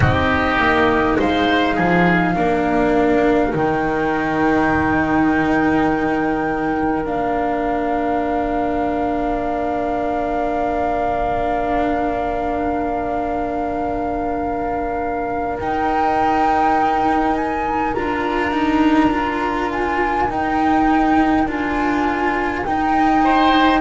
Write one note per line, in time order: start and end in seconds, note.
0.00 0.58 C4
0.00 2.34 D#4
0.00 1.17 G4
0.00 1.17 D#5
0.58 1.17 A#3
1.18 1.77 G#3
1.18 1.75 C5
1.18 3.53 F5
1.75 2.36 F3
1.75 2.34 G#4
2.35 3.53 A#3
2.35 3.51 D4
2.35 23.24 A#4
3.51 7.07 D#3
3.51 7.04 D#4
3.51 7.05 G5
7.05 15.60 A#3
7.05 15.58 D4
7.05 15.58 F5
15.60 17.95 D#4
15.60 17.96 D#4
15.60 17.35 G5
17.35 17.93 G#5
17.93 20.29 D4
17.93 18.51 F4
17.93 19.70 A#5
18.51 19.10 D#4
19.10 20.28 F4
19.72 20.30 G#5
20.29 21.46 D#4
20.29 21.45 D#4
20.29 21.48 G5
21.45 22.63 D4
21.45 22.65 F4
21.45 22.64 G#5
22.64 23.80 D#4
22.64 23.80 G5
23.24 23.80 C5